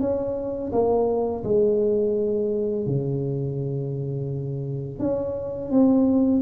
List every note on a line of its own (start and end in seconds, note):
0.00 0.71 C#4
0.72 1.44 A#3
1.44 2.86 G#3
2.86 4.99 C#3
4.99 5.70 C#4
5.70 6.42 C4